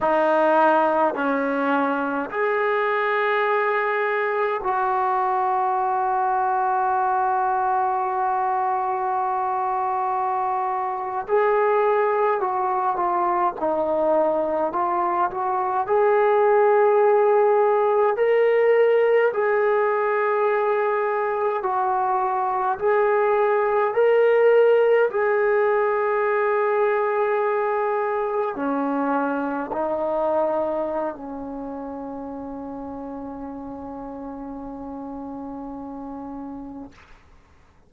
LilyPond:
\new Staff \with { instrumentName = "trombone" } { \time 4/4 \tempo 4 = 52 dis'4 cis'4 gis'2 | fis'1~ | fis'4.~ fis'16 gis'4 fis'8 f'8 dis'16~ | dis'8. f'8 fis'8 gis'2 ais'16~ |
ais'8. gis'2 fis'4 gis'16~ | gis'8. ais'4 gis'2~ gis'16~ | gis'8. cis'4 dis'4~ dis'16 cis'4~ | cis'1 | }